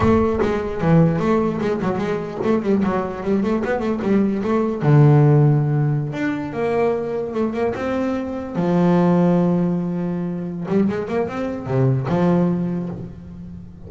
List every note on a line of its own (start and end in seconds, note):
0.00 0.39 A3
0.41 0.81 G#3
0.81 1.19 E3
1.19 1.59 A3
1.61 1.81 G#3
1.82 1.98 F#3
1.98 2.38 G#3
2.44 2.62 A3
2.62 2.82 G3
2.83 3.23 F#3
3.23 3.43 G3
3.43 3.63 A3
3.64 3.80 B3
3.80 4.00 A3
4.02 4.42 G3
4.43 4.82 A3
4.82 6.12 D3
6.12 6.53 D4
6.53 7.33 A#3
7.33 7.53 A3
7.53 7.73 A#3
7.75 8.55 C4
8.55 10.67 F3
10.68 10.88 G3
10.88 11.08 G#3
11.08 11.28 A#3
11.28 11.66 C4
11.66 12.06 C3
12.08 12.89 F3